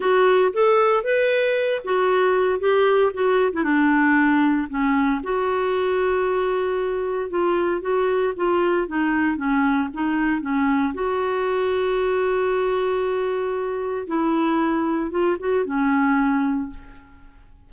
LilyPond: \new Staff \with { instrumentName = "clarinet" } { \time 4/4 \tempo 4 = 115 fis'4 a'4 b'4. fis'8~ | fis'4 g'4 fis'8. e'16 d'4~ | d'4 cis'4 fis'2~ | fis'2 f'4 fis'4 |
f'4 dis'4 cis'4 dis'4 | cis'4 fis'2.~ | fis'2. e'4~ | e'4 f'8 fis'8 cis'2 | }